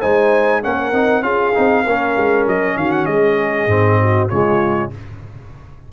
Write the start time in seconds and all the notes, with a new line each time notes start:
0.00 G#3 D#4 C5 G#5
0.63 A#3 C#4 A#4 F#5
0.92 C4 D#4
1.22 C#4 F4 G#4 F5
1.54 C4 D#4
1.83 A#3 C#4 A#4
2.17 G#3
2.47 F#3 D#5
2.77 D#3 F#4 F5
2.92 F#5
3.06 G#3 G#4 D#5
3.67 G#2 C4
4.01 F#4
4.29 C#3 G#3 F4 C#5